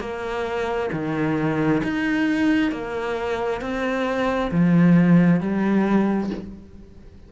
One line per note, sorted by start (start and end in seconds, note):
0.00 0.90 A#3
0.93 1.82 D#3
1.84 2.72 D#4
2.72 3.61 A#3
3.61 4.51 C4
4.51 5.41 F3
5.41 6.30 G3